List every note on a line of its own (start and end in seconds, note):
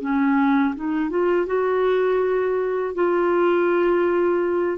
0.00 0.74 C#4
0.75 1.09 D#4
1.09 1.46 F4
1.46 2.94 F#4
2.94 4.78 F4